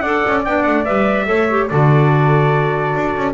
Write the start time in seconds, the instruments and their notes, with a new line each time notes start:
0.00 double bass D4, clarinet A4, flute D5, trumpet F#5
0.27 double bass C#4
0.45 double bass B3, clarinet D4, trumpet G5
0.64 double bass A3, trumpet F#5
0.85 double bass G3, clarinet B4, trumpet E5
1.26 double bass A3, clarinet A4, flute C#5
1.50 clarinet G4
1.69 double bass D3, clarinet F#4, flute A4, trumpet D5
2.96 double bass D4
3.17 double bass C#4